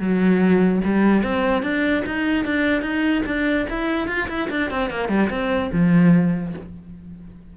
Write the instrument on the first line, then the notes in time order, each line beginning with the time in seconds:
cello
0.00 F#3
0.84 G3
1.23 C4
1.63 D4
2.06 D#4
2.45 D4
2.82 D#4
3.26 D4
3.70 E4
4.08 F4
4.29 E4
4.50 D4
4.71 C4
4.91 A#3
5.09 G3
5.30 C4
5.72 F3